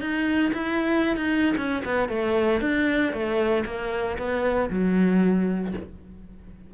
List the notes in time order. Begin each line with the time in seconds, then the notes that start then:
0.00 D#4
0.54 E4
1.16 D#4
1.57 C#4
1.85 B3
2.09 A3
2.61 D4
3.13 A3
3.66 A#3
4.18 B3
4.70 F#3